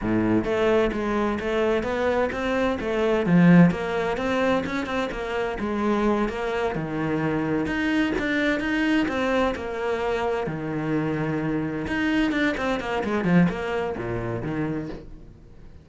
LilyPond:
\new Staff \with { instrumentName = "cello" } { \time 4/4 \tempo 4 = 129 a,4 a4 gis4 a4 | b4 c'4 a4 f4 | ais4 c'4 cis'8 c'8 ais4 | gis4. ais4 dis4.~ |
dis8 dis'4 d'4 dis'4 c'8~ | c'8 ais2 dis4.~ | dis4. dis'4 d'8 c'8 ais8 | gis8 f8 ais4 ais,4 dis4 | }